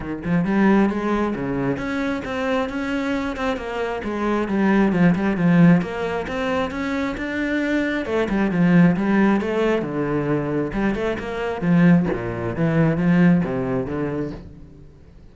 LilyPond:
\new Staff \with { instrumentName = "cello" } { \time 4/4 \tempo 4 = 134 dis8 f8 g4 gis4 cis4 | cis'4 c'4 cis'4. c'8 | ais4 gis4 g4 f8 g8 | f4 ais4 c'4 cis'4 |
d'2 a8 g8 f4 | g4 a4 d2 | g8 a8 ais4 f4 ais,4 | e4 f4 c4 d4 | }